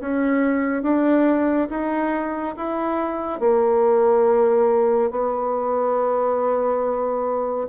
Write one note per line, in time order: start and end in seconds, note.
0.00 0.82 C#4
0.82 1.68 D4
1.69 2.55 D#4
2.56 3.40 E4
3.40 5.10 A#3
5.10 7.68 B3